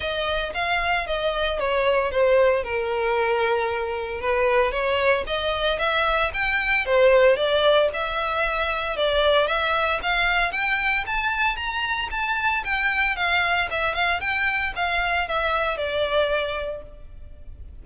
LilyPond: \new Staff \with { instrumentName = "violin" } { \time 4/4 \tempo 4 = 114 dis''4 f''4 dis''4 cis''4 | c''4 ais'2. | b'4 cis''4 dis''4 e''4 | g''4 c''4 d''4 e''4~ |
e''4 d''4 e''4 f''4 | g''4 a''4 ais''4 a''4 | g''4 f''4 e''8 f''8 g''4 | f''4 e''4 d''2 | }